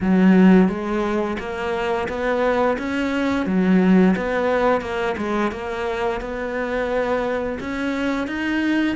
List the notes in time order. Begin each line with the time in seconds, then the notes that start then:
0.00 F#3
0.68 G#3
1.39 A#3
2.08 B3
2.78 C#4
3.46 F#3
4.16 B3
4.81 A#3
5.17 G#3
5.51 A#3
6.20 B3
7.60 C#4
8.27 D#4